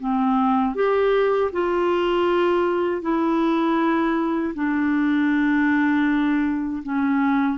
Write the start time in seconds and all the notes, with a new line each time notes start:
0.00 C4
0.75 G4
1.53 F4
3.02 E4
4.55 D4
6.84 C#4